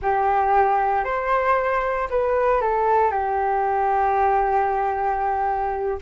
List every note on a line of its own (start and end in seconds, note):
0.02 1.04 G4
1.04 2.08 C5
2.09 2.61 B4
2.61 3.11 A4
3.11 5.98 G4